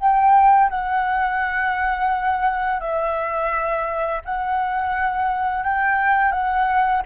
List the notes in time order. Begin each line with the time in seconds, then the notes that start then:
0.00 G5
0.70 F#5
2.80 E5
4.25 F#5
5.64 G5
6.32 F#5